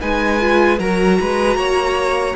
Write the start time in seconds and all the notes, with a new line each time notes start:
0.00 G#3 D#4 B4 G#5
0.40 F4
0.78 F#3 F#4 A#4 A#5
1.20 G#3 B4
1.55 A#3 C#5